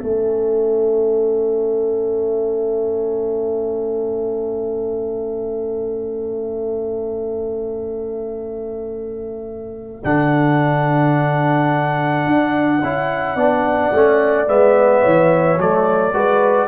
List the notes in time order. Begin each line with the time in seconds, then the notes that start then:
0.00 A3 C#4 A4 E5
10.04 D3 D4 F#5
12.26 D4
12.83 C#4 E4
13.35 B3 D4 D5
13.93 A3 C#4
14.47 G#3 B3 E5
15.02 E3 C#5
15.58 F#3 A3 D5
16.12 G#3 F#4 B4